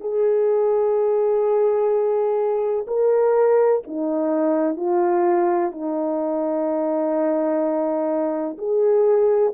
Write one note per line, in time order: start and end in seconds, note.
0.00 2.86 G#4
2.87 3.82 A#4
3.87 4.76 D#4
4.76 5.71 F4
5.71 8.57 D#4
8.58 9.53 G#4